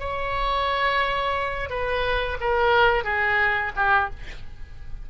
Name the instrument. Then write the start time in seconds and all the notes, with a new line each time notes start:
oboe
0.00 C#5
1.70 B4
2.40 A#4
3.04 G#4
3.76 G4